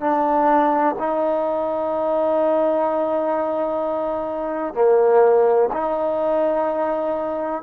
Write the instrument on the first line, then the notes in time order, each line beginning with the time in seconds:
trombone
0.00 D4
0.99 D#4
4.74 A#3
5.72 D#4